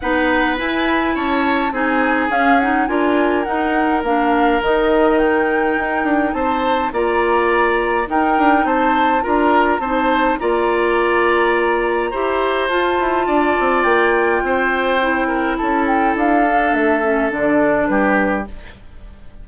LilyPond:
<<
  \new Staff \with { instrumentName = "flute" } { \time 4/4 \tempo 4 = 104 fis''4 gis''4 a''4 gis''4 | f''8 fis''8 gis''4 fis''4 f''4 | dis''4 g''2 a''4 | ais''2 g''4 a''4 |
ais''4 a''4 ais''2~ | ais''2 a''2 | g''2. a''8 g''8 | f''4 e''4 d''4 b'4 | }
  \new Staff \with { instrumentName = "oboe" } { \time 4/4 b'2 cis''4 gis'4~ | gis'4 ais'2.~ | ais'2. c''4 | d''2 ais'4 c''4 |
ais'4 c''4 d''2~ | d''4 c''2 d''4~ | d''4 c''4. ais'8 a'4~ | a'2. g'4 | }
  \new Staff \with { instrumentName = "clarinet" } { \time 4/4 dis'4 e'2 dis'4 | cis'8 dis'8 f'4 dis'4 d'4 | dis'1 | f'2 dis'2 |
f'4 dis'4 f'2~ | f'4 g'4 f'2~ | f'2 e'2~ | e'8 d'4 cis'8 d'2 | }
  \new Staff \with { instrumentName = "bassoon" } { \time 4/4 b4 e'4 cis'4 c'4 | cis'4 d'4 dis'4 ais4 | dis2 dis'8 d'8 c'4 | ais2 dis'8 d'8 c'4 |
d'4 c'4 ais2~ | ais4 e'4 f'8 e'8 d'8 c'8 | ais4 c'2 cis'4 | d'4 a4 d4 g4 | }
>>